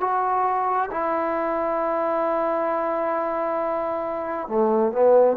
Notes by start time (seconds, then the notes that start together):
0.00 F#4
0.91 E4
4.48 A3
4.93 B3